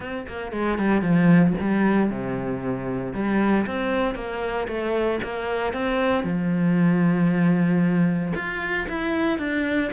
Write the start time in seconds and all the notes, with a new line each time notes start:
0.00 C4
0.27 A#3
0.52 G#3
0.78 G3
1.01 F3
1.60 G3
2.09 C3
3.13 G3
3.66 C4
4.15 A#3
4.67 A3
5.23 A#3
5.72 C4
6.23 F3
8.34 F4
8.89 E4
9.38 D4